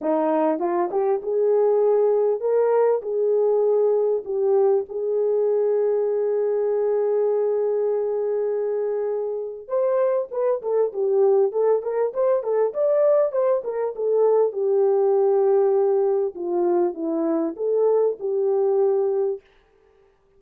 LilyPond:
\new Staff \with { instrumentName = "horn" } { \time 4/4 \tempo 4 = 99 dis'4 f'8 g'8 gis'2 | ais'4 gis'2 g'4 | gis'1~ | gis'1 |
c''4 b'8 a'8 g'4 a'8 ais'8 | c''8 a'8 d''4 c''8 ais'8 a'4 | g'2. f'4 | e'4 a'4 g'2 | }